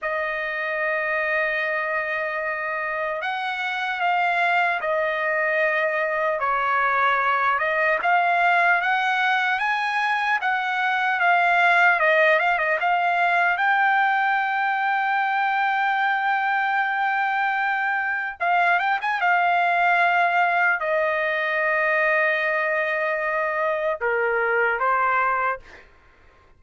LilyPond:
\new Staff \with { instrumentName = "trumpet" } { \time 4/4 \tempo 4 = 75 dis''1 | fis''4 f''4 dis''2 | cis''4. dis''8 f''4 fis''4 | gis''4 fis''4 f''4 dis''8 f''16 dis''16 |
f''4 g''2.~ | g''2. f''8 g''16 gis''16 | f''2 dis''2~ | dis''2 ais'4 c''4 | }